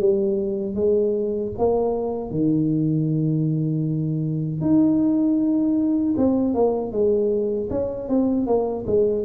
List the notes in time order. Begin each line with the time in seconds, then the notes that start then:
0.00 G3
0.75 G#3
1.58 A#3
2.30 D#3
4.61 D#4
6.17 C4
6.55 A#3
6.92 G#3
7.70 C#4
8.09 C4
8.47 A#3
8.87 G#3